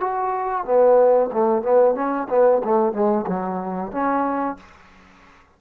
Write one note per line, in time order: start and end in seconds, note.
0.00 0.65 F#4
0.65 1.30 B3
1.32 1.62 A3
1.62 1.95 B3
1.95 2.27 C#4
2.29 2.62 B3
2.64 2.93 A3
2.93 3.25 G#3
3.27 3.92 F#3
3.92 4.57 C#4